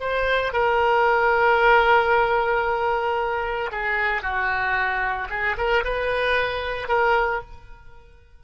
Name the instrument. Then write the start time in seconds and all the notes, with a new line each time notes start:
oboe
0.00 C5
0.53 A#4
3.71 G#4
4.22 F#4
5.29 G#4
5.57 A#4
5.84 B4
6.88 A#4